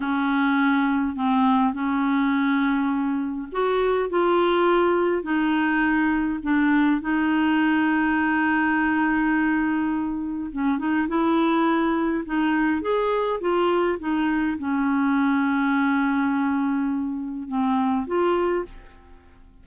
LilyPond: \new Staff \with { instrumentName = "clarinet" } { \time 4/4 \tempo 4 = 103 cis'2 c'4 cis'4~ | cis'2 fis'4 f'4~ | f'4 dis'2 d'4 | dis'1~ |
dis'2 cis'8 dis'8 e'4~ | e'4 dis'4 gis'4 f'4 | dis'4 cis'2.~ | cis'2 c'4 f'4 | }